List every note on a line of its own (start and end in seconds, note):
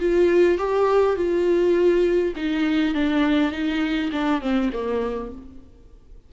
0.00 0.58 F4
0.58 1.17 G4
1.17 2.34 F4
2.36 2.95 D#4
2.95 3.52 D4
3.52 4.11 D#4
4.13 4.41 D4
4.41 4.71 C4
4.73 5.32 A#3